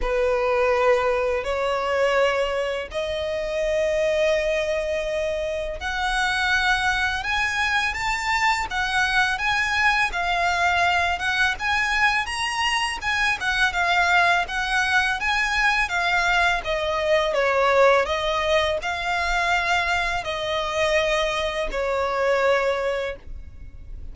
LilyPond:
\new Staff \with { instrumentName = "violin" } { \time 4/4 \tempo 4 = 83 b'2 cis''2 | dis''1 | fis''2 gis''4 a''4 | fis''4 gis''4 f''4. fis''8 |
gis''4 ais''4 gis''8 fis''8 f''4 | fis''4 gis''4 f''4 dis''4 | cis''4 dis''4 f''2 | dis''2 cis''2 | }